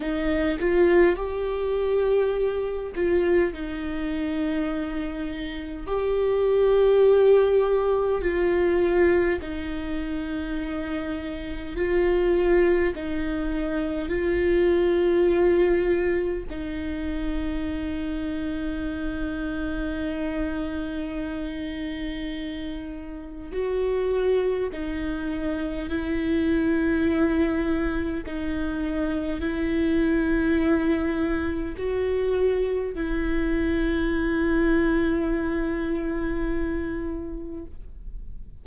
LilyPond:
\new Staff \with { instrumentName = "viola" } { \time 4/4 \tempo 4 = 51 dis'8 f'8 g'4. f'8 dis'4~ | dis'4 g'2 f'4 | dis'2 f'4 dis'4 | f'2 dis'2~ |
dis'1 | fis'4 dis'4 e'2 | dis'4 e'2 fis'4 | e'1 | }